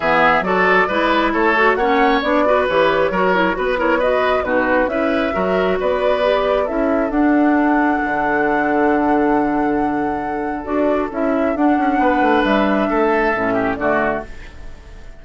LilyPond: <<
  \new Staff \with { instrumentName = "flute" } { \time 4/4 \tempo 4 = 135 e''4 d''2 cis''4 | fis''4 d''4 cis''2 | b'8 cis''8 dis''4 b'4 e''4~ | e''4 d''2 e''4 |
fis''1~ | fis''1 | d''4 e''4 fis''2 | e''2. d''4 | }
  \new Staff \with { instrumentName = "oboe" } { \time 4/4 gis'4 a'4 b'4 a'4 | cis''4. b'4. ais'4 | b'8 ais'8 b'4 fis'4 b'4 | ais'4 b'2 a'4~ |
a'1~ | a'1~ | a'2. b'4~ | b'4 a'4. g'8 fis'4 | }
  \new Staff \with { instrumentName = "clarinet" } { \time 4/4 b4 fis'4 e'4. fis'8 | cis'4 d'8 fis'8 g'4 fis'8 e'8 | fis'8 e'8 fis'4 dis'4 e'4 | fis'2 g'4 e'4 |
d'1~ | d'1 | fis'4 e'4 d'2~ | d'2 cis'4 a4 | }
  \new Staff \with { instrumentName = "bassoon" } { \time 4/4 e4 fis4 gis4 a4 | ais4 b4 e4 fis4 | b2 b,4 cis'4 | fis4 b2 cis'4 |
d'2 d2~ | d1 | d'4 cis'4 d'8 cis'8 b8 a8 | g4 a4 a,4 d4 | }
>>